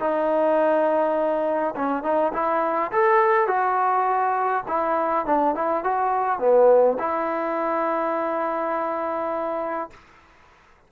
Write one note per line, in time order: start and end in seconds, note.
0.00 1.75 D#4
1.76 2.03 C#4
2.03 2.32 D#4
2.33 2.91 E4
2.92 3.47 A4
3.47 4.64 F#4
4.68 5.26 E4
5.26 5.55 D4
5.55 5.84 E4
5.84 6.39 F#4
6.39 6.97 B3
6.99 9.90 E4